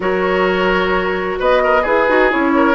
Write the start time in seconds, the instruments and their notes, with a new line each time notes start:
0.00 bassoon F#3, clarinet F#4, oboe A#4, flute C#5
1.39 bassoon B3, oboe B4, flute D#5
1.63 oboe A#4
1.81 bassoon E4, oboe G#4, clarinet G#4, flute B4
2.08 bassoon D#4, clarinet F#4
2.30 bassoon C#4, clarinet E4, flute C#5
2.55 oboe A#4